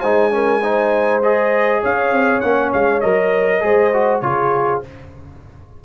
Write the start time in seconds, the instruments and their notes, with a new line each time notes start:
0.00 tuba G#3, trombone D#4, horn C5, trumpet G#5
0.31 trombone C#4, horn A#4
0.61 trombone D#4, horn C5
1.22 trombone G#4, trumpet D#5
1.81 tuba C#4, horn C#5, trumpet F5
2.11 tuba C4
2.40 tuba A#3, trombone C#4, trumpet F#5
2.73 tuba G#3, trumpet F5
3.00 tuba F#3, trombone A#4, trumpet D#5
3.60 tuba G#3, trombone G#4, horn C5
3.93 trombone F#4
4.20 tuba C#3, trombone F4, horn G#4, trumpet C#5